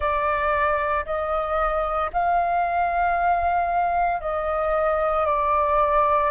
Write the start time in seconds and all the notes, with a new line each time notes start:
0.00 D5
1.05 D#5
2.12 F5
4.21 D#5
5.25 D5